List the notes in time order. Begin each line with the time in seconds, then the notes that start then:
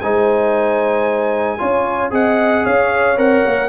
0.00 G#3 D#4 C5 G#5
1.58 C#4 F4 C#5
2.10 C4 G#4 D#5 F#5
2.64 C#4 C#5 F5
3.16 C4 A#4 F#5
3.46 A#3